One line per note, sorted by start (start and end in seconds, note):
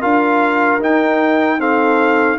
0.00 0.80 D4
0.00 0.80 F4
0.00 1.58 A#4
0.00 0.81 F5
0.80 1.58 D#4
0.80 2.38 D#4
0.80 1.60 G5
1.58 2.37 C4
1.58 2.38 A4
1.58 2.38 F5